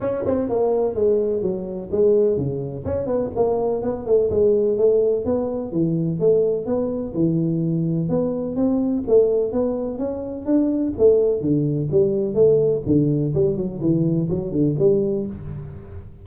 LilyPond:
\new Staff \with { instrumentName = "tuba" } { \time 4/4 \tempo 4 = 126 cis'8 c'8 ais4 gis4 fis4 | gis4 cis4 cis'8 b8 ais4 | b8 a8 gis4 a4 b4 | e4 a4 b4 e4~ |
e4 b4 c'4 a4 | b4 cis'4 d'4 a4 | d4 g4 a4 d4 | g8 fis8 e4 fis8 d8 g4 | }